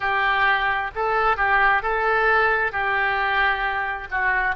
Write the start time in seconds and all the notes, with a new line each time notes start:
0.00 G4
0.95 A4
1.36 G4
1.82 A4
2.71 G4
4.10 F#4